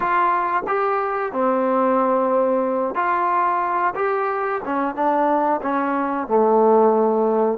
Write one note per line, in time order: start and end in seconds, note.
0.00 0.63 F4
0.67 1.32 G4
1.32 2.95 C4
2.95 3.94 F4
3.95 4.61 G4
4.65 4.95 C#4
4.95 5.60 D4
5.61 6.27 C#4
6.27 7.58 A3